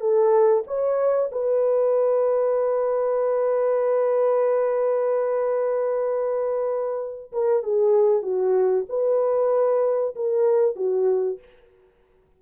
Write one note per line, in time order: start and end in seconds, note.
0.00 0.63 A4
0.67 1.30 C#5
1.31 7.31 B4
7.32 7.63 A#4
7.63 8.22 G#4
8.22 8.85 F#4
8.89 10.15 B4
10.15 10.76 A#4
10.76 11.39 F#4